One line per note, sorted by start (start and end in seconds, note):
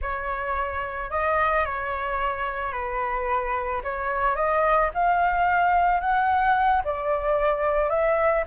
0.01 1.10 C#5
1.10 1.65 D#5
1.65 2.72 C#5
2.72 3.81 B4
3.83 4.35 C#5
4.35 4.90 D#5
4.94 6.00 F5
6.00 6.82 F#5
6.84 7.89 D5
7.89 8.44 E5